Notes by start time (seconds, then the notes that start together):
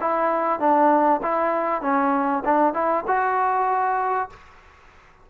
0.00 E4
0.59 D4
1.22 E4
1.81 C#4
2.45 D4
2.73 E4
3.07 F#4